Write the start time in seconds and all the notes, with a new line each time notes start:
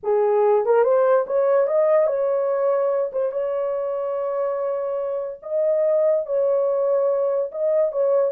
0.03 G#4
0.65 A#4
0.83 C5
1.26 C#5
1.67 D#5
2.06 C#5
3.12 C5
3.31 C#5
5.42 D#5
6.26 C#5
7.51 D#5
7.91 C#5